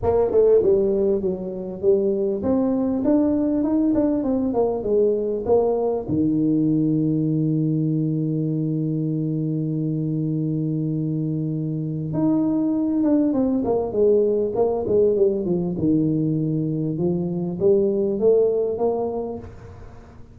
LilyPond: \new Staff \with { instrumentName = "tuba" } { \time 4/4 \tempo 4 = 99 ais8 a8 g4 fis4 g4 | c'4 d'4 dis'8 d'8 c'8 ais8 | gis4 ais4 dis2~ | dis1~ |
dis1 | dis'4. d'8 c'8 ais8 gis4 | ais8 gis8 g8 f8 dis2 | f4 g4 a4 ais4 | }